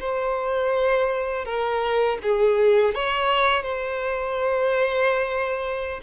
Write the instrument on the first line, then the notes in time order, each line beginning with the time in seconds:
violin
0.00 C5
1.45 A#4
2.23 G#4
2.95 C#5
3.63 C5